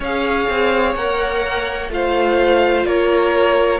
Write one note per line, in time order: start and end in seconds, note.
0.00 0.46 C#4
0.00 0.97 G#4
0.00 1.90 C#5
0.00 0.95 F5
0.49 0.94 C4
0.94 1.89 A#3
0.94 1.90 A#4
0.94 1.90 F#5
1.90 2.84 A3
1.90 3.80 F4
1.90 2.87 C5
1.90 2.85 F5
2.84 3.80 A#3
2.84 3.80 A#4
2.84 3.80 C#5